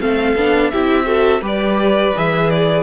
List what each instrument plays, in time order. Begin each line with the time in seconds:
0.00 cello A3, viola C4, violin A4 F5
0.36 cello B3, viola D4
0.71 cello C4, viola E4, violin G4 E5
1.05 viola F#4, violin A4
1.41 cello G3, viola G4, violin B4 D5
2.16 cello E3, viola G#4, violin E5
2.50 violin D5